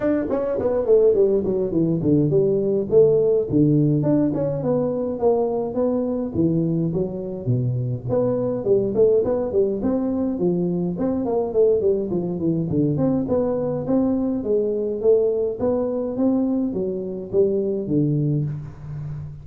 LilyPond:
\new Staff \with { instrumentName = "tuba" } { \time 4/4 \tempo 4 = 104 d'8 cis'8 b8 a8 g8 fis8 e8 d8 | g4 a4 d4 d'8 cis'8 | b4 ais4 b4 e4 | fis4 b,4 b4 g8 a8 |
b8 g8 c'4 f4 c'8 ais8 | a8 g8 f8 e8 d8 c'8 b4 | c'4 gis4 a4 b4 | c'4 fis4 g4 d4 | }